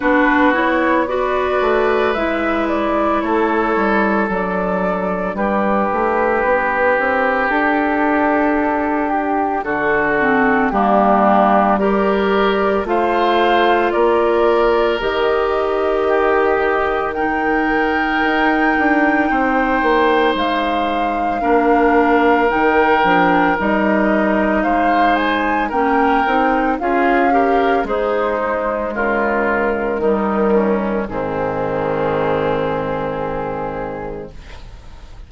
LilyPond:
<<
  \new Staff \with { instrumentName = "flute" } { \time 4/4 \tempo 4 = 56 b'8 cis''8 d''4 e''8 d''8 cis''4 | d''4 b'2 a'4~ | a'8 g'8 a'4 g'4 d''4 | f''4 d''4 dis''2 |
g''2. f''4~ | f''4 g''4 dis''4 f''8 gis''8 | g''4 f''4 c''4 ais'4~ | ais'4 gis'2. | }
  \new Staff \with { instrumentName = "oboe" } { \time 4/4 fis'4 b'2 a'4~ | a'4 g'2.~ | g'4 fis'4 d'4 ais'4 | c''4 ais'2 g'4 |
ais'2 c''2 | ais'2. c''4 | ais'4 gis'8 ais'8 dis'4 f'4 | dis'8 cis'8 c'2. | }
  \new Staff \with { instrumentName = "clarinet" } { \time 4/4 d'8 e'8 fis'4 e'2 | d'1~ | d'4. c'8 ais4 g'4 | f'2 g'2 |
dis'1 | d'4 dis'8 d'8 dis'2 | cis'8 dis'8 f'8 g'8 gis'8 gis4. | g4 dis2. | }
  \new Staff \with { instrumentName = "bassoon" } { \time 4/4 b4. a8 gis4 a8 g8 | fis4 g8 a8 b8 c'8 d'4~ | d'4 d4 g2 | a4 ais4 dis2~ |
dis4 dis'8 d'8 c'8 ais8 gis4 | ais4 dis8 f8 g4 gis4 | ais8 c'8 cis'4 gis4 cis4 | dis4 gis,2. | }
>>